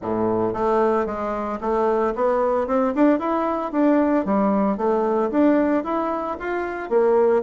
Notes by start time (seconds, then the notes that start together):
0.01 A2
0.53 A3
1.05 G#3
1.60 A3
2.15 B3
2.67 C4
2.94 D4
3.19 E4
3.72 D4
4.25 G3
4.77 A3
5.30 D4
5.84 E4
6.39 F4
6.89 A#3